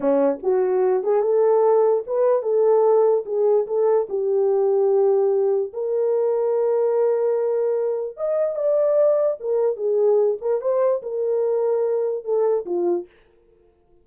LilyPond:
\new Staff \with { instrumentName = "horn" } { \time 4/4 \tempo 4 = 147 cis'4 fis'4. gis'8 a'4~ | a'4 b'4 a'2 | gis'4 a'4 g'2~ | g'2 ais'2~ |
ais'1 | dis''4 d''2 ais'4 | gis'4. ais'8 c''4 ais'4~ | ais'2 a'4 f'4 | }